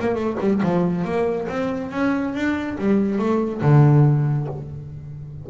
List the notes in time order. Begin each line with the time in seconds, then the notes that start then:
0.00 A#3
0.15 A3
0.40 G3
0.62 F3
1.04 A#3
1.48 C4
1.91 C#4
2.34 D4
2.78 G3
3.18 A3
3.61 D3